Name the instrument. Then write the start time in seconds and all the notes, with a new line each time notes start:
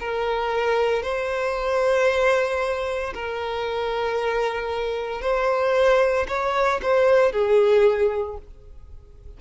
violin
0.00 A#4
1.03 C5
3.14 A#4
5.21 C5
6.28 C#5
6.82 C5
7.32 G#4